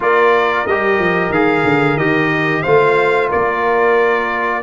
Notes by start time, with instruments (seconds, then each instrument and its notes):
0.00 tuba A#3, trombone F4, horn A#4, trumpet D5
0.66 tuba G3, trombone G4, trumpet D#5
0.99 tuba F3
1.29 tuba D#3, trombone G#4, trumpet F5
1.64 tuba D3
1.96 tuba D#3, trombone G4, trumpet D#5
2.62 tuba A3, trombone F4, horn C5, trumpet F5
3.29 tuba A#3, horn A#4, trumpet D5